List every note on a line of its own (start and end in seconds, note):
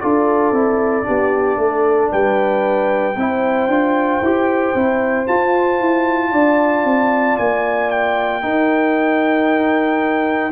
0.00 0.52 D4
0.00 0.54 F4
0.00 1.05 A4
0.00 2.11 D5
0.52 1.04 C4
0.52 1.03 E4
1.03 1.57 B3
1.03 3.14 D4
1.03 1.58 G4
1.57 2.09 A3
1.57 2.12 A4
2.12 3.16 G3
2.12 3.17 B4
2.12 5.27 G5
3.16 3.68 C4
3.16 3.70 E4
3.16 6.31 C5
3.68 4.20 D4
3.68 4.23 F4
4.21 4.74 E4
4.21 4.76 G4
4.74 5.27 C4
4.74 5.26 E4
5.26 8.42 F4
5.26 5.80 F4
5.26 7.38 A5
5.80 6.32 E4
6.31 6.85 D4
6.31 8.41 D5
6.85 7.37 C4
7.38 8.43 A#3
7.38 7.90 G#5
7.90 10.52 G5
8.42 10.52 D#4
8.42 10.52 A#4